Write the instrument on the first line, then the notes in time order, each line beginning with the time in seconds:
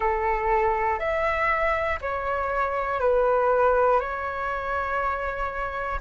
flute
0.00 A4
0.99 E5
2.01 C#5
3.00 B4
4.00 C#5